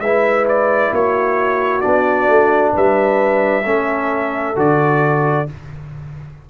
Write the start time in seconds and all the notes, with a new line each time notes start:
0.00 G#3 E4 B4 E5
0.49 D5
0.92 A#3 F#4 C#5
1.81 B3 D4 D5
2.29 A3
2.73 G3 B4 E5
3.65 A3 C#4 A4
4.56 D3 F#4 D5